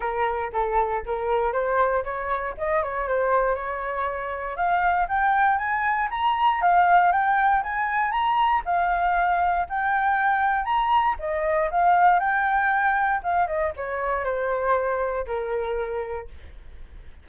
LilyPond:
\new Staff \with { instrumentName = "flute" } { \time 4/4 \tempo 4 = 118 ais'4 a'4 ais'4 c''4 | cis''4 dis''8 cis''8 c''4 cis''4~ | cis''4 f''4 g''4 gis''4 | ais''4 f''4 g''4 gis''4 |
ais''4 f''2 g''4~ | g''4 ais''4 dis''4 f''4 | g''2 f''8 dis''8 cis''4 | c''2 ais'2 | }